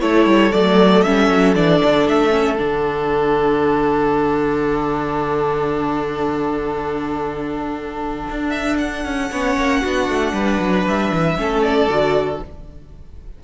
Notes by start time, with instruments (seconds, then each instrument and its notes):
0.00 cello A3, viola E4, violin A4 C#5
0.26 cello G3
0.52 cello F#3, viola A3, violin D5
1.02 cello G3, viola C#4, violin E5
1.30 cello F#3
1.55 cello E3, viola D4, violin D5
1.84 cello D3
2.07 cello A3, violin E5
2.30 viola C#4
2.58 cello D3, viola D4, violin F#5
8.30 cello D4
8.50 violin E5
8.78 violin F#5
9.05 cello C#4
9.31 cello B3, viola C#4, violin C#5
9.57 cello A#3
9.80 cello B3, viola D4, violin F#4
10.09 cello A3
10.32 cello G3, violin B4
10.59 cello F#3
10.87 cello G3, violin E5
11.11 cello E3
11.36 cello A3, viola C#4, violin A4
11.62 violin D5
11.87 cello D3, viola F#4